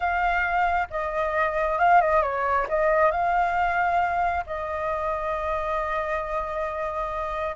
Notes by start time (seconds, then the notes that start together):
0.00 F5
0.90 D#5
1.79 F5
2.01 D#5
2.22 C#5
2.68 D#5
3.11 F5
4.46 D#5